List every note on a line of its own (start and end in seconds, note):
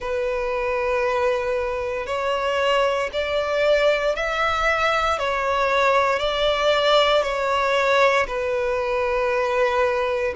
0.00 2.06 B4
2.06 3.09 C#5
3.13 4.15 D5
4.15 5.19 E5
5.19 6.19 C#5
6.19 7.22 D5
7.22 8.26 C#5
8.27 10.34 B4